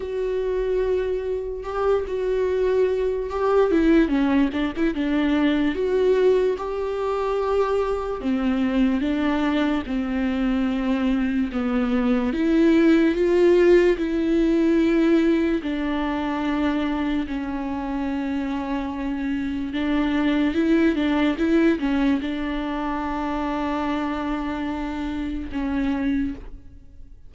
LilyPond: \new Staff \with { instrumentName = "viola" } { \time 4/4 \tempo 4 = 73 fis'2 g'8 fis'4. | g'8 e'8 cis'8 d'16 e'16 d'4 fis'4 | g'2 c'4 d'4 | c'2 b4 e'4 |
f'4 e'2 d'4~ | d'4 cis'2. | d'4 e'8 d'8 e'8 cis'8 d'4~ | d'2. cis'4 | }